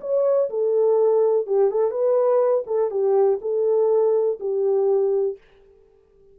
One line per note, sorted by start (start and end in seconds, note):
0.00 0.49 C#5
0.49 1.46 A4
1.46 1.71 G4
1.71 1.91 A4
1.91 2.64 B4
2.66 2.90 A4
2.90 3.39 G4
3.41 4.38 A4
4.39 5.37 G4